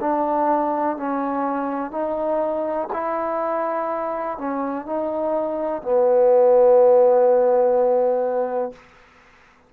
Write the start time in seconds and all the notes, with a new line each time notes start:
0.00 D4
0.97 C#4
1.91 D#4
2.93 E4
4.38 C#4
4.86 D#4
5.82 B3